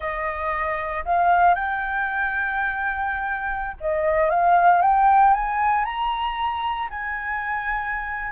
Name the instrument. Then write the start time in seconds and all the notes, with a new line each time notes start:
flute
0.00 D#5
1.05 F5
1.55 G5
3.80 D#5
4.30 F5
4.81 G5
5.33 G#5
5.84 A#5
6.89 G#5